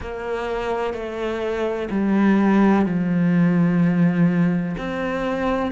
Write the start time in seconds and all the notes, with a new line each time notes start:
0.00 A#3
0.93 A3
1.90 G3
2.85 F3
4.77 C4